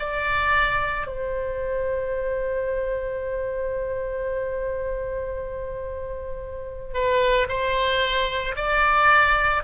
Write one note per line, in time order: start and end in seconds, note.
0.00 1.07 D5
1.07 6.94 C5
6.94 7.48 B4
7.49 8.56 C5
8.57 9.64 D5